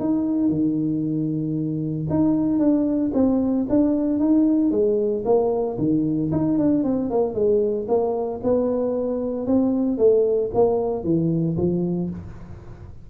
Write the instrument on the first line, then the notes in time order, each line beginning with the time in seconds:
tuba
0.00 D#4
0.50 D#3
2.10 D#4
2.59 D4
3.14 C4
3.69 D4
4.20 D#4
4.71 G#3
5.25 A#3
5.78 D#3
6.32 D#4
6.58 D4
6.84 C4
7.11 A#3
7.34 G#3
7.88 A#3
8.44 B3
9.47 C4
9.98 A3
10.55 A#3
11.04 E3
11.57 F3